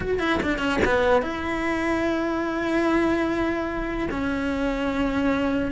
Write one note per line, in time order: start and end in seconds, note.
0.00 0.19 F#4
0.19 0.39 E4
0.42 0.58 D4
0.58 0.78 C#4
0.84 1.22 B3
1.22 4.07 E4
4.11 5.71 C#4